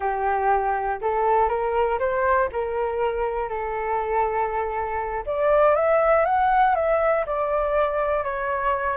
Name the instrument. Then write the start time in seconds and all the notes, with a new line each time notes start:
flute
0.00 G4
1.01 A4
1.48 A#4
1.99 C5
2.52 A#4
3.49 A4
5.26 D5
5.75 E5
6.25 F#5
6.75 E5
7.25 D5
8.24 C#5